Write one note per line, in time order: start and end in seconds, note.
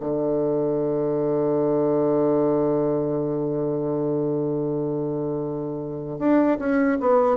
0.00 6.18 D3
6.18 6.57 D4
6.59 6.98 C#4
7.00 7.37 B3